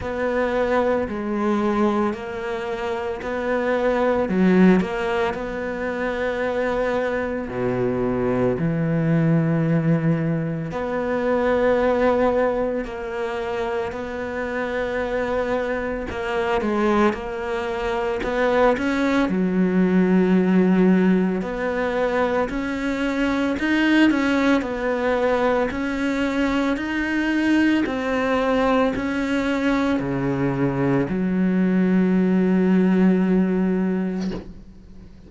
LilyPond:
\new Staff \with { instrumentName = "cello" } { \time 4/4 \tempo 4 = 56 b4 gis4 ais4 b4 | fis8 ais8 b2 b,4 | e2 b2 | ais4 b2 ais8 gis8 |
ais4 b8 cis'8 fis2 | b4 cis'4 dis'8 cis'8 b4 | cis'4 dis'4 c'4 cis'4 | cis4 fis2. | }